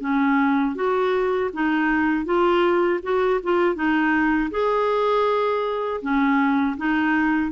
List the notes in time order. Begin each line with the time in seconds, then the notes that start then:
0.00 C#4
0.75 F#4
1.53 D#4
2.25 F4
3.02 F#4
3.43 F4
3.75 D#4
4.50 G#4
6.01 C#4
6.77 D#4